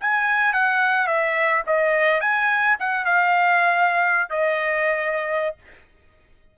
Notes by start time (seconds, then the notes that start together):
0.00 G#5
0.53 F#5
1.07 E5
1.66 D#5
2.20 G#5
2.79 F#5
3.05 F5
4.29 D#5